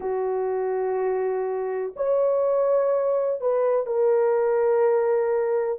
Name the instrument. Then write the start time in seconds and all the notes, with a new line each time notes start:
horn
0.00 F#4
1.96 C#5
3.40 B4
3.86 A#4